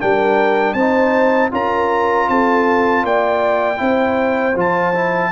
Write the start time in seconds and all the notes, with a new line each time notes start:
0.00 G3 D4 A#4 G5
0.73 C4 D#4 C5 A5
1.51 C#4 F4 A#4 A#5
2.28 C4 A4 A5
3.03 A#3 D5 G5
3.77 C4 E4 C5
4.55 F3 F4 A5
4.94 E4